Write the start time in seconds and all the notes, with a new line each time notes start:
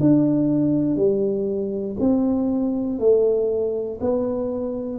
0.00 D4
0.96 G3
2.00 C4
3.00 A3
4.00 B3